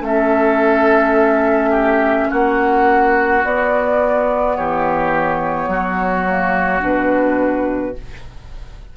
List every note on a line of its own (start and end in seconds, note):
0.00 2.26 A3
0.00 3.42 C#4
0.00 1.70 A4
0.00 2.29 E5
1.70 2.27 G4
2.29 3.44 A#3
2.29 4.56 F#4
2.29 3.43 F#5
3.44 4.57 B3
3.44 6.27 B3
3.44 4.56 D5
4.56 5.67 E3
4.56 5.69 G4
4.56 6.82 C#5
5.67 6.80 F#3
5.67 7.96 F#4
6.27 6.79 A#3
6.79 7.95 B2
6.79 7.93 D4
6.79 7.96 B4